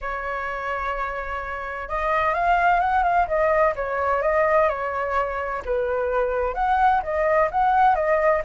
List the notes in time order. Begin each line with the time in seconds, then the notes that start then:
0.01 C#5
1.88 D#5
2.34 F5
2.80 F#5
3.03 F5
3.27 D#5
3.75 C#5
4.22 D#5
4.68 C#5
5.65 B4
6.54 F#5
7.02 D#5
7.51 F#5
7.95 D#5